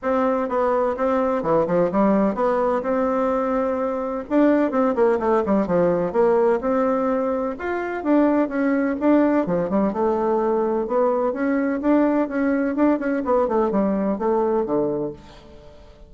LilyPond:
\new Staff \with { instrumentName = "bassoon" } { \time 4/4 \tempo 4 = 127 c'4 b4 c'4 e8 f8 | g4 b4 c'2~ | c'4 d'4 c'8 ais8 a8 g8 | f4 ais4 c'2 |
f'4 d'4 cis'4 d'4 | f8 g8 a2 b4 | cis'4 d'4 cis'4 d'8 cis'8 | b8 a8 g4 a4 d4 | }